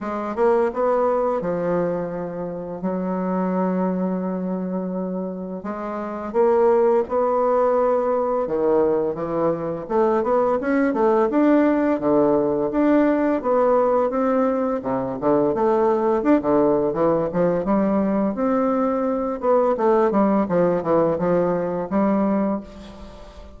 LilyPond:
\new Staff \with { instrumentName = "bassoon" } { \time 4/4 \tempo 4 = 85 gis8 ais8 b4 f2 | fis1 | gis4 ais4 b2 | dis4 e4 a8 b8 cis'8 a8 |
d'4 d4 d'4 b4 | c'4 c8 d8 a4 d'16 d8. | e8 f8 g4 c'4. b8 | a8 g8 f8 e8 f4 g4 | }